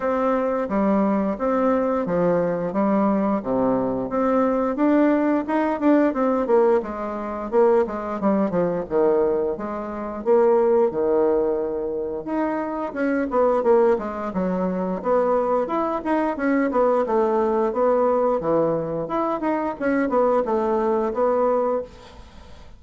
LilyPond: \new Staff \with { instrumentName = "bassoon" } { \time 4/4 \tempo 4 = 88 c'4 g4 c'4 f4 | g4 c4 c'4 d'4 | dis'8 d'8 c'8 ais8 gis4 ais8 gis8 | g8 f8 dis4 gis4 ais4 |
dis2 dis'4 cis'8 b8 | ais8 gis8 fis4 b4 e'8 dis'8 | cis'8 b8 a4 b4 e4 | e'8 dis'8 cis'8 b8 a4 b4 | }